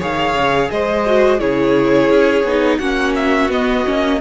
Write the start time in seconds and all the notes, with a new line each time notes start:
0.00 D#3 G#4 C#5 F5
0.34 C#3
0.71 G#3 C5 D#5
1.07 F#4
1.39 C#3 E4 G#4 C#5
2.10 C#4
2.44 B3 D#4
2.78 A#3 C#4 F#4 F#5
3.16 E5
3.49 B3 D#5
3.86 A#3 C#4